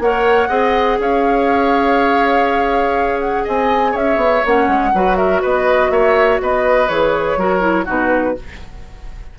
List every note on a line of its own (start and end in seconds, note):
0.00 0.49 A#3
0.00 0.49 A#4
0.00 0.49 C#5
0.00 1.00 F#5
0.49 0.99 C4
0.49 4.43 G#4
0.49 0.98 D#5
1.00 3.45 C#4
1.00 3.44 C#5
1.00 3.20 F5
3.20 3.45 F#5
3.44 3.95 C4
3.44 3.92 D#5
3.44 3.97 G#5
3.92 4.17 C#4
3.92 4.90 C#5
3.92 4.46 E5
4.17 4.41 B3
4.46 4.68 A#3
4.46 4.95 C#4
4.46 5.17 F#5
4.68 4.93 G#3
4.94 5.43 F#3
4.94 6.89 F#4
4.94 5.18 B4
5.17 5.42 A#4
5.17 5.42 E5
5.42 5.91 B3
5.42 5.91 B4
5.42 5.91 D#5
5.91 6.40 A#3
5.91 6.42 C#5
5.91 6.40 E5
6.42 6.89 B3
6.42 7.39 B4
6.42 6.89 D#5
6.89 7.37 E3
6.89 7.38 G#4
6.89 7.87 C#5
7.37 7.86 F#3
7.37 7.61 F#4
7.37 7.86 A#4
7.61 7.85 E4
7.86 8.38 B2
7.86 8.35 D#4
7.86 8.35 F#4
7.86 8.39 B4